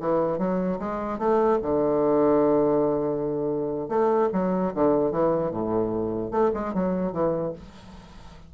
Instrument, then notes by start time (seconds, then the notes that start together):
bassoon
0.00 E3
0.38 F#3
0.79 G#3
1.18 A3
1.62 D3
3.88 A3
4.32 F#3
4.74 D3
5.11 E3
5.51 A2
6.31 A3
6.54 G#3
6.74 F#3
7.12 E3